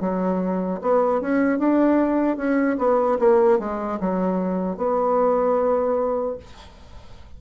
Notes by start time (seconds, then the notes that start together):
0.00 F#3
0.81 B3
1.21 C#4
1.59 D4
2.37 C#4
2.78 B3
3.19 A#3
3.59 G#3
4.00 F#3
4.77 B3